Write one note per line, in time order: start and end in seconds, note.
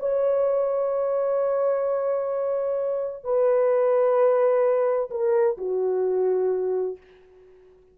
0.00 3.24 C#5
3.24 5.10 B4
5.11 5.58 A#4
5.58 6.98 F#4